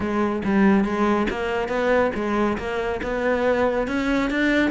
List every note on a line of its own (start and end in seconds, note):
0.00 0.42 G#3
0.44 0.84 G3
0.84 1.27 G#3
1.30 1.68 A#3
1.68 2.11 B3
2.14 2.57 G#3
2.58 3.00 A#3
3.03 3.87 B3
3.87 4.30 C#4
4.30 4.70 D4